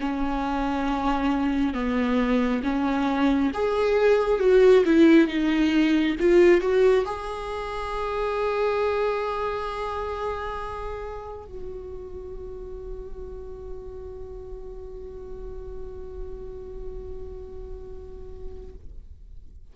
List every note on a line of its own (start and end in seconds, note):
0.00 1.74 C#4
1.74 2.62 B3
2.63 3.51 C#4
3.53 4.39 G#4
4.39 4.83 F#4
4.85 5.27 E4
5.27 6.16 D#4
6.20 6.61 F4
6.61 7.05 F#4
7.05 11.45 G#4
11.45 18.73 F#4